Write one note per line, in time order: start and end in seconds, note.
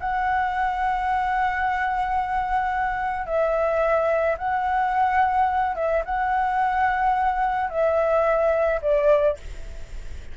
0.00 3.27 F#5
3.27 4.37 E5
4.38 5.76 F#5
5.76 6.04 E5
6.05 7.70 F#5
7.70 8.80 E5
8.82 9.38 D5